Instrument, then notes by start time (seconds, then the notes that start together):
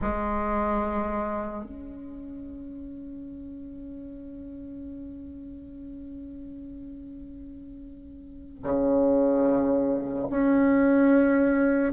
bassoon
0.01 G#3
1.64 C#4
8.63 C#3
10.30 C#4